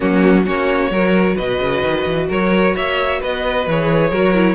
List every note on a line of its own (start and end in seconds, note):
0.00 0.47 F#3
0.00 0.43 A#3
0.00 0.44 C#4
0.00 0.46 F#4
0.44 0.90 A#3
0.44 0.91 C#4
0.44 0.90 F#4
0.44 1.37 C#5
0.90 1.36 F#3
0.90 3.68 F#4
0.90 1.35 A#4
1.35 1.60 B2
1.35 2.27 B4
1.35 2.28 D#5
1.60 1.82 C#3
1.82 2.05 D#3
2.06 2.29 E3
2.29 2.76 F#3
2.29 2.74 A#4
2.29 2.75 C#5
2.74 3.22 A#3
2.74 3.19 C#5
2.74 3.21 E5
3.19 3.66 B3
3.19 4.10 B4
3.19 3.69 D#5
3.66 4.11 E3
3.66 4.12 G#4
3.66 4.55 C#5
4.10 4.55 F#3
4.10 4.34 F#4
4.10 4.55 A#4
4.34 4.55 E4